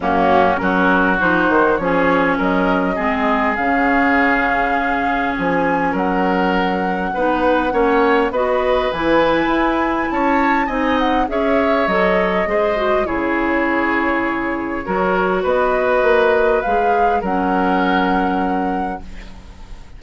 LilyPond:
<<
  \new Staff \with { instrumentName = "flute" } { \time 4/4 \tempo 4 = 101 fis'4 ais'4 c''4 cis''4 | dis''2 f''2~ | f''4 gis''4 fis''2~ | fis''2 dis''4 gis''4~ |
gis''4 a''4 gis''8 fis''8 e''4 | dis''2 cis''2~ | cis''2 dis''2 | f''4 fis''2. | }
  \new Staff \with { instrumentName = "oboe" } { \time 4/4 cis'4 fis'2 gis'4 | ais'4 gis'2.~ | gis'2 ais'2 | b'4 cis''4 b'2~ |
b'4 cis''4 dis''4 cis''4~ | cis''4 c''4 gis'2~ | gis'4 ais'4 b'2~ | b'4 ais'2. | }
  \new Staff \with { instrumentName = "clarinet" } { \time 4/4 ais4 cis'4 dis'4 cis'4~ | cis'4 c'4 cis'2~ | cis'1 | dis'4 cis'4 fis'4 e'4~ |
e'2 dis'4 gis'4 | a'4 gis'8 fis'8 e'2~ | e'4 fis'2. | gis'4 cis'2. | }
  \new Staff \with { instrumentName = "bassoon" } { \time 4/4 fis,4 fis4 f8 dis8 f4 | fis4 gis4 cis2~ | cis4 f4 fis2 | b4 ais4 b4 e4 |
e'4 cis'4 c'4 cis'4 | fis4 gis4 cis2~ | cis4 fis4 b4 ais4 | gis4 fis2. | }
>>